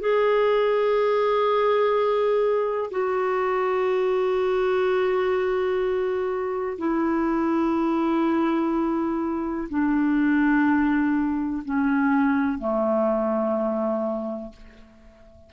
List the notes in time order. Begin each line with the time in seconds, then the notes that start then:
0.00 G#4
2.91 F#4
6.78 E4
9.70 D4
11.65 C#4
12.59 A3